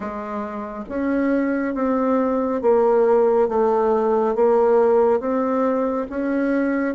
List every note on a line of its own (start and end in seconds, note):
0.00 0.84 G#3
0.88 1.74 C#4
1.74 2.61 C4
2.61 3.48 A#3
3.48 4.35 A3
4.35 5.20 A#3
5.20 6.07 C4
6.09 6.94 C#4